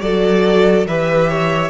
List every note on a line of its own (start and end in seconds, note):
0.00 0.86 F#3
0.00 0.88 F#4
0.00 0.87 A4
0.00 0.86 D5
0.86 1.70 E3
0.86 1.70 G4
0.86 1.29 B4
0.86 1.70 E5
1.29 1.70 C#5